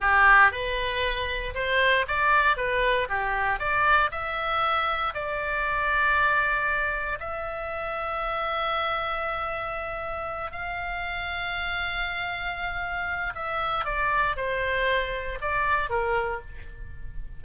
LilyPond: \new Staff \with { instrumentName = "oboe" } { \time 4/4 \tempo 4 = 117 g'4 b'2 c''4 | d''4 b'4 g'4 d''4 | e''2 d''2~ | d''2 e''2~ |
e''1~ | e''8 f''2.~ f''8~ | f''2 e''4 d''4 | c''2 d''4 ais'4 | }